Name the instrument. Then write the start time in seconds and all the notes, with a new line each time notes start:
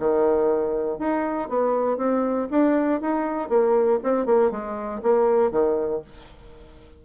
bassoon
0.00 D#3
0.99 D#4
1.49 B3
1.98 C4
2.51 D4
3.01 D#4
3.50 A#3
4.04 C4
4.26 A#3
4.51 G#3
5.03 A#3
5.52 D#3